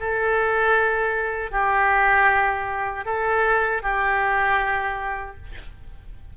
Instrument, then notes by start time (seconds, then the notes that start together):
oboe
0.00 A4
1.51 G4
3.05 A4
3.82 G4